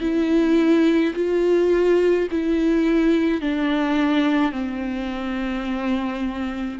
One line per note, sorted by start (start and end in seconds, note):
0.00 1.13 E4
1.14 2.27 F4
2.31 3.41 E4
3.41 4.51 D4
4.51 6.78 C4